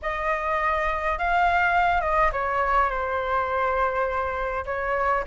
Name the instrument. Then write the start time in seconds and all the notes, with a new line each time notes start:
flute
0.02 D#5
1.18 F5
2.01 D#5
2.32 C#5
2.90 C5
4.65 C#5